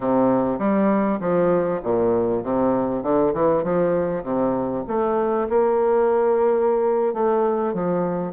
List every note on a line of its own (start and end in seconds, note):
0.00 0.58 C3
0.58 1.19 G3
1.20 1.80 F3
1.83 2.43 A#2
2.43 3.02 C3
3.02 3.33 D3
3.33 3.63 E3
3.63 4.23 F3
4.23 4.83 C3
4.87 5.48 A3
5.49 7.13 A#3
7.13 7.73 A3
7.73 8.32 F3